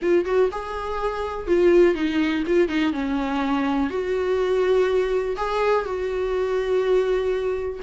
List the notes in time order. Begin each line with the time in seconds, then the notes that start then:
0.02 F4
0.25 F#4
0.51 G#4
1.47 F4
1.94 D#4
2.47 F4
2.68 D#4
2.92 C#4
3.90 F#4
5.36 G#4
5.85 F#4